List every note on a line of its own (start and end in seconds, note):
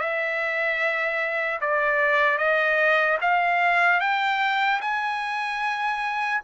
0.00 1.60 E5
1.61 2.38 D5
2.38 3.18 D#5
3.21 4.00 F5
4.00 4.80 G5
4.81 6.41 G#5